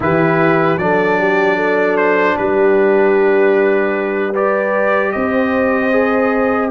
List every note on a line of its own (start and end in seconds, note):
0.00 0.77 E3
0.00 0.78 E4
0.00 0.81 G4
0.00 0.78 B4
0.77 2.35 F#3
0.77 4.33 D4
0.77 1.19 A4
0.77 1.96 D5
1.19 1.56 G4
1.56 2.35 A4
1.96 2.36 C5
2.37 5.14 G3
2.37 4.30 G4
2.37 4.34 B4
4.30 5.91 G4
4.30 5.09 B4
4.30 5.11 D5
5.11 6.70 C4
5.11 6.70 C5
5.11 6.69 D#5
5.91 6.70 G#4